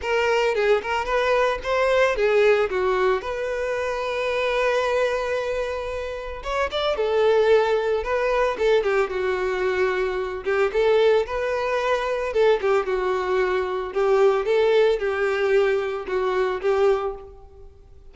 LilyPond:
\new Staff \with { instrumentName = "violin" } { \time 4/4 \tempo 4 = 112 ais'4 gis'8 ais'8 b'4 c''4 | gis'4 fis'4 b'2~ | b'1 | cis''8 d''8 a'2 b'4 |
a'8 g'8 fis'2~ fis'8 g'8 | a'4 b'2 a'8 g'8 | fis'2 g'4 a'4 | g'2 fis'4 g'4 | }